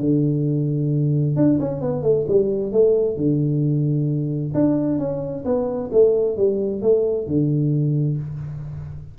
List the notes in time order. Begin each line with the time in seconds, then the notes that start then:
0.00 D3
1.36 D4
1.60 C#4
1.81 B3
2.03 A3
2.28 G3
2.72 A3
3.17 D3
4.54 D4
4.99 C#4
5.45 B3
5.93 A3
6.37 G3
6.82 A3
7.27 D3